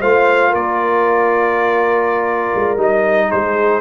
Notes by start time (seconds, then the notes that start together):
0.00 A3 F4 C5 F5
0.50 A#3 A#4 D5
2.55 G#3
2.76 G3 D#4 D#5
3.29 G#3 G#4 C5